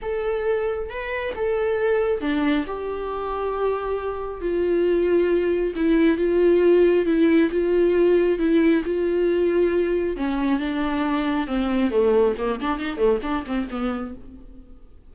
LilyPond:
\new Staff \with { instrumentName = "viola" } { \time 4/4 \tempo 4 = 136 a'2 b'4 a'4~ | a'4 d'4 g'2~ | g'2 f'2~ | f'4 e'4 f'2 |
e'4 f'2 e'4 | f'2. cis'4 | d'2 c'4 a4 | ais8 d'8 dis'8 a8 d'8 c'8 b4 | }